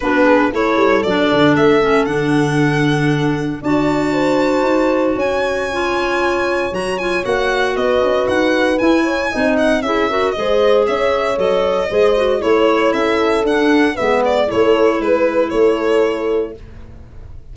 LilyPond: <<
  \new Staff \with { instrumentName = "violin" } { \time 4/4 \tempo 4 = 116 b'4 cis''4 d''4 e''4 | fis''2. a''4~ | a''2 gis''2~ | gis''4 ais''8 gis''8 fis''4 dis''4 |
fis''4 gis''4. fis''8 e''4 | dis''4 e''4 dis''2 | cis''4 e''4 fis''4 e''8 d''8 | cis''4 b'4 cis''2 | }
  \new Staff \with { instrumentName = "horn" } { \time 4/4 fis'8 gis'8 a'2.~ | a'2. d''4 | c''2 cis''2~ | cis''2. b'4~ |
b'4. cis''8 dis''4 gis'8 ais'8 | c''4 cis''2 c''4 | cis''4 a'2 b'4 | a'4 b'4 a'2 | }
  \new Staff \with { instrumentName = "clarinet" } { \time 4/4 d'4 e'4 d'4. cis'8 | d'2. fis'4~ | fis'2. f'4~ | f'4 fis'8 f'8 fis'2~ |
fis'4 e'4 dis'4 e'8 fis'8 | gis'2 a'4 gis'8 fis'8 | e'2 d'4 b4 | e'1 | }
  \new Staff \with { instrumentName = "tuba" } { \time 4/4 b4 a8 g8 fis8 d8 a4 | d2. d'4~ | d'4 dis'4 cis'2~ | cis'4 fis4 ais4 b8 cis'8 |
dis'4 e'4 c'4 cis'4 | gis4 cis'4 fis4 gis4 | a4 cis'4 d'4 gis4 | a4 gis4 a2 | }
>>